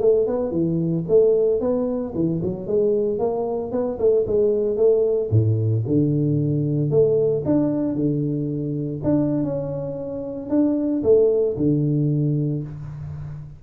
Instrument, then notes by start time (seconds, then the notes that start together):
tuba
0.00 A3
0.27 B3
0.51 E3
1.08 A3
1.60 B3
2.15 E3
2.43 F#3
2.67 G#3
3.19 A#3
3.71 B3
3.98 A3
4.26 G#3
4.77 A3
5.30 A2
5.87 D3
6.90 A3
7.45 D4
7.95 D3
9.03 D4
9.43 C#4
10.49 D4
11.03 A3
11.57 D3